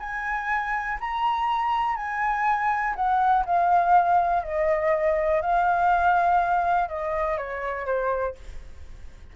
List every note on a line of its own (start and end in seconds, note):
0.00 0.98 G#5
1.00 1.96 A#5
1.96 2.95 G#5
2.96 3.45 F#5
3.46 4.43 F5
4.43 5.42 D#5
5.42 6.89 F5
6.89 7.37 D#5
7.37 7.86 C#5
7.86 8.35 C5